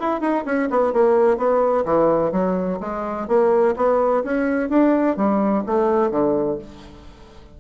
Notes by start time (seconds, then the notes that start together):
0.00 E4
0.21 D#4
0.46 C#4
0.71 B3
0.93 A#3
1.38 B3
1.85 E3
2.32 F#3
2.81 G#3
3.28 A#3
3.76 B3
4.24 C#4
4.70 D4
5.17 G3
5.66 A3
6.11 D3